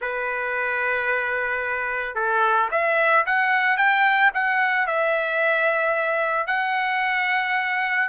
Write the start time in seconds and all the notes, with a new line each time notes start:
0.01 B4
2.15 A4
2.71 E5
3.26 F#5
3.77 G5
4.34 F#5
4.86 E5
6.46 F#5